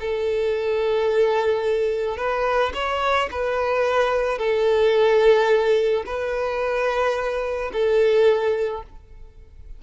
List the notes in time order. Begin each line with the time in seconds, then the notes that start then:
0.00 A4
2.17 B4
2.74 C#5
3.31 B4
4.39 A4
6.06 B4
7.73 A4